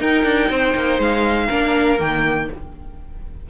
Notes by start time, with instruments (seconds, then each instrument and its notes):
0.00 cello D#4, viola D#4, violin A#4 G5
0.24 cello D4
0.49 cello C4, violin C5
0.75 cello A#3
0.99 cello G#3, violin F5
1.47 cello A#3, viola D4, violin A#4
1.98 cello D#3, viola A#3, violin G5